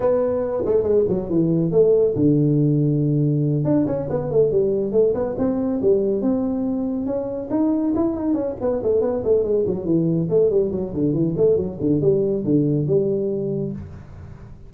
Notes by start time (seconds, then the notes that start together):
0.00 B3
0.65 A3
0.83 G#3
1.08 F#3
1.29 E3
1.71 A3
2.15 D3
3.64 D4
3.86 C#4
4.09 B3
4.31 A3
4.51 G3
4.92 A3
5.14 B3
5.38 C4
5.81 G3
6.21 C4
7.06 C#4
7.50 D#4
7.95 E4
8.15 D#4
8.34 C#4
8.60 B3
8.82 A3
9.01 B3
9.24 A3
9.43 G#3
9.66 F#3
9.85 E3
10.29 A3
10.50 G3
10.71 F#3
10.93 D3
11.13 E3
11.36 A3
11.56 F#3
11.80 D3
12.01 G3
12.44 D3
12.86 G3